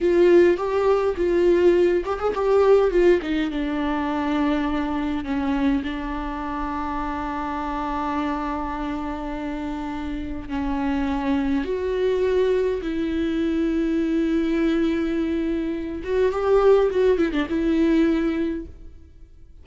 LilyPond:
\new Staff \with { instrumentName = "viola" } { \time 4/4 \tempo 4 = 103 f'4 g'4 f'4. g'16 gis'16 | g'4 f'8 dis'8 d'2~ | d'4 cis'4 d'2~ | d'1~ |
d'2 cis'2 | fis'2 e'2~ | e'2.~ e'8 fis'8 | g'4 fis'8 e'16 d'16 e'2 | }